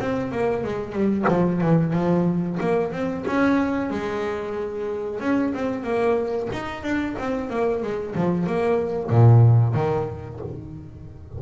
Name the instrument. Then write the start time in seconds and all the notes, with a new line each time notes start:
double bass
0.00 C4
0.32 A#3
0.64 G#3
0.93 G3
1.28 F3
1.61 E3
1.93 F3
2.61 A#3
2.92 C4
3.27 C#4
3.90 G#3
5.21 C#4
5.54 C4
5.84 A#3
6.53 D#4
6.83 D4
7.19 C4
7.50 A#3
7.83 G#3
8.16 F3
8.47 A#3
9.10 A#2
9.75 D#3